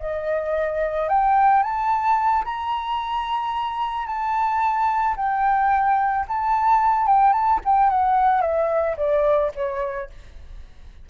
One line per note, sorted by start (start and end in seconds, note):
0.00 1.09 D#5
1.09 1.63 G5
1.63 2.45 A5
2.45 4.07 A#5
4.07 5.16 A5
5.17 6.26 G5
6.28 7.07 A5
7.07 7.33 G5
7.33 7.60 A5
7.65 7.90 G5
7.90 8.42 F#5
8.42 8.96 E5
8.97 9.52 D5
9.55 10.10 C#5